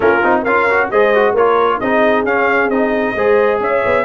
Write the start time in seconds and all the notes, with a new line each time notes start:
0.00 A#3 C#4 F4 A#4
0.23 C4 D#4
0.42 C#4 F4 A#4 F5
0.69 F#4
0.90 G#3 G#4 C5 D#5
1.14 F#4
1.33 A#3 F4 A#4 C#5
1.80 C4 D#4 G#4 D#5
2.23 C#4 F5
2.69 C4 D#4 D#5
3.14 G#3 G#4 C5
3.60 C#4 C#5 E5
3.85 B3